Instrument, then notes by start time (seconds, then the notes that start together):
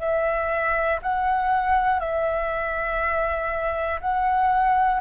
flute
0.00 E5
1.02 F#5
2.00 E5
4.00 F#5